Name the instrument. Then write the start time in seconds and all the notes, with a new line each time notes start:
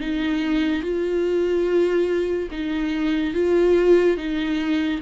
viola
0.00 D#4
0.82 F4
2.51 D#4
3.34 F4
4.17 D#4